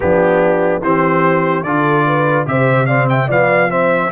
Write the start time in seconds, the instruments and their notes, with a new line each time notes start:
0.00 tuba F3, trombone B3, horn D4, trumpet G4
0.81 tuba E3, trombone C4, horn G4, trumpet C5
1.63 tuba D3, trombone F4, horn A4, trumpet D5
2.07 horn B4
2.46 tuba C3, trombone G4, horn C5, trumpet E5
2.86 trombone C4, horn D5, trumpet F5
3.09 horn E5, trumpet G5
3.28 tuba F3, trombone B3, horn D5, trumpet F5
3.70 trombone C4, horn C5, trumpet E5